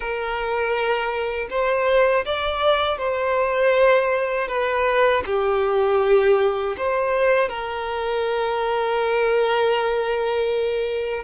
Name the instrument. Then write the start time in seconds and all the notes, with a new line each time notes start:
violin
0.00 A#4
1.50 C5
2.25 D5
2.98 C5
4.48 B4
5.26 G4
6.77 C5
7.48 A#4